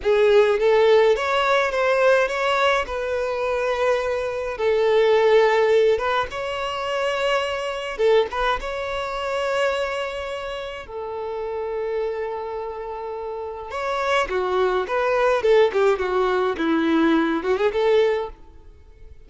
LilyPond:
\new Staff \with { instrumentName = "violin" } { \time 4/4 \tempo 4 = 105 gis'4 a'4 cis''4 c''4 | cis''4 b'2. | a'2~ a'8 b'8 cis''4~ | cis''2 a'8 b'8 cis''4~ |
cis''2. a'4~ | a'1 | cis''4 fis'4 b'4 a'8 g'8 | fis'4 e'4. fis'16 gis'16 a'4 | }